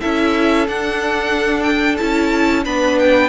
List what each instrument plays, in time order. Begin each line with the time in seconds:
0.00 cello C#4, viola E4, violin A4 E5
0.67 cello D4, viola D4, violin F#5
1.63 violin G5
1.97 cello C#4, viola E4, violin A5
2.65 cello B3, viola D4, violin B4 B5
2.98 violin G5